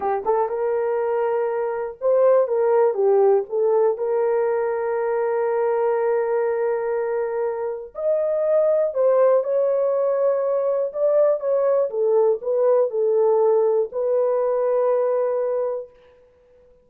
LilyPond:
\new Staff \with { instrumentName = "horn" } { \time 4/4 \tempo 4 = 121 g'8 a'8 ais'2. | c''4 ais'4 g'4 a'4 | ais'1~ | ais'1 |
dis''2 c''4 cis''4~ | cis''2 d''4 cis''4 | a'4 b'4 a'2 | b'1 | }